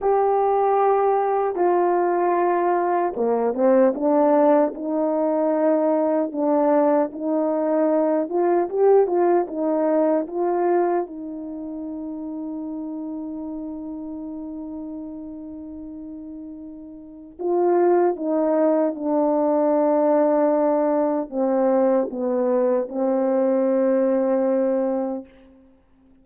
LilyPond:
\new Staff \with { instrumentName = "horn" } { \time 4/4 \tempo 4 = 76 g'2 f'2 | ais8 c'8 d'4 dis'2 | d'4 dis'4. f'8 g'8 f'8 | dis'4 f'4 dis'2~ |
dis'1~ | dis'2 f'4 dis'4 | d'2. c'4 | b4 c'2. | }